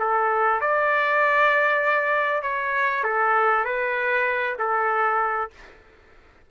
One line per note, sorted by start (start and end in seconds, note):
0.00 0.61 A4
0.61 2.43 D5
2.43 3.04 C#5
3.04 3.65 A4
3.65 4.57 B4
4.59 5.51 A4